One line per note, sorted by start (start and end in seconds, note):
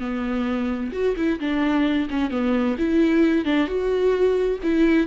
0.00 0.92 B3
0.92 1.15 F#4
1.17 1.39 E4
1.40 2.08 D4
2.10 2.31 C#4
2.31 2.77 B3
2.78 3.45 E4
3.45 3.68 D4
3.68 4.59 F#4
4.63 5.07 E4